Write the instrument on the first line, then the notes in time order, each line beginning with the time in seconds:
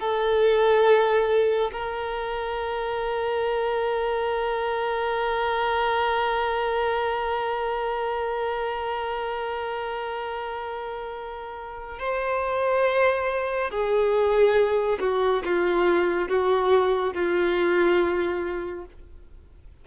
violin
0.00 A4
1.73 A#4
11.99 C5
13.71 G#4
15.00 F#4
15.45 F4
16.29 F#4
17.14 F4